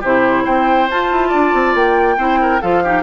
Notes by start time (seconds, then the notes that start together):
0.00 C3 E4 G4 C5
0.44 C4 C5 G5
0.89 F4 A5
1.11 E4
1.28 D4 D5
1.53 C4
1.74 A#3 G5
2.17 C4 E4 C5
2.41 A#4
2.61 F3 F4 A4 F5
2.83 D#4 G4